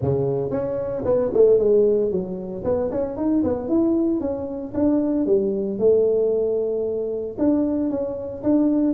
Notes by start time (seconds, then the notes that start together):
0.01 C#3
0.50 C#4
1.04 B3
1.33 A3
1.58 G#3
2.11 F#3
2.64 B3
2.91 C#4
3.17 D#4
3.43 B3
3.68 E4
4.20 C#4
4.74 D4
5.26 G3
5.78 A3
7.38 D4
7.89 C#4
8.43 D4